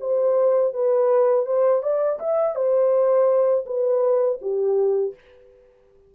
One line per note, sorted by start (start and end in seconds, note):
0.00 0.73 C5
0.73 1.46 B4
1.46 1.82 C5
1.82 2.19 D5
2.19 2.55 E5
2.55 3.65 C5
3.66 4.39 B4
4.41 5.15 G4